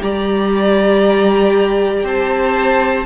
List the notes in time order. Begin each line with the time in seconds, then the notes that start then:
0.00 G3 G4 D5 A#5
2.04 C4 C5 A5